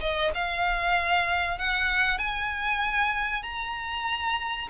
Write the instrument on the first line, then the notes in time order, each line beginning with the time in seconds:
violin
0.00 D#5
0.34 F5
1.59 F#5
2.18 G#5
3.43 A#5